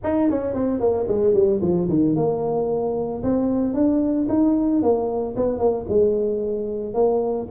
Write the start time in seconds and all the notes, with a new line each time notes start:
0.03 D#4
0.30 C#4
0.54 C4
0.80 A#3
1.07 G#3
1.33 G3
1.61 F3
1.88 D#3
2.15 A#3
3.23 C4
3.74 D4
4.28 D#4
4.82 A#3
5.36 B3
5.58 A#3
5.89 G#3
6.94 A#3